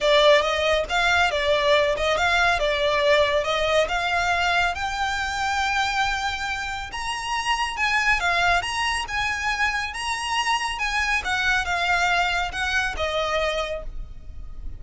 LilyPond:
\new Staff \with { instrumentName = "violin" } { \time 4/4 \tempo 4 = 139 d''4 dis''4 f''4 d''4~ | d''8 dis''8 f''4 d''2 | dis''4 f''2 g''4~ | g''1 |
ais''2 gis''4 f''4 | ais''4 gis''2 ais''4~ | ais''4 gis''4 fis''4 f''4~ | f''4 fis''4 dis''2 | }